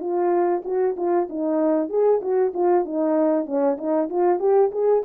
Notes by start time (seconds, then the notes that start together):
0.00 F4
0.64 F#4
0.96 F4
1.29 D#4
1.89 G#4
2.21 F#4
2.53 F4
2.85 D#4
3.45 C#4
3.78 D#4
4.09 F4
4.39 G4
4.72 G#4